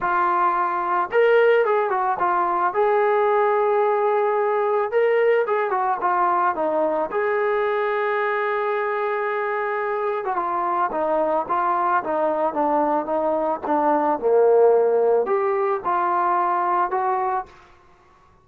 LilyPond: \new Staff \with { instrumentName = "trombone" } { \time 4/4 \tempo 4 = 110 f'2 ais'4 gis'8 fis'8 | f'4 gis'2.~ | gis'4 ais'4 gis'8 fis'8 f'4 | dis'4 gis'2.~ |
gis'2~ gis'8. fis'16 f'4 | dis'4 f'4 dis'4 d'4 | dis'4 d'4 ais2 | g'4 f'2 fis'4 | }